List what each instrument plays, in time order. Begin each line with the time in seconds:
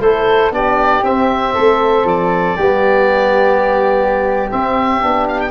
0.00 tuba A3, trombone E4, flute A4, oboe C5
0.51 tuba B3, trombone D4, flute G4, oboe D5
1.02 tuba C4, trombone C4, oboe E5
1.54 tuba A3, flute A4
2.05 tuba F3, oboe D5
2.57 tuba G3, trombone B3, flute G4
4.50 trombone C4, tuba C4, oboe E5
5.01 tuba B3, trombone D4
5.28 oboe F5
5.40 oboe G5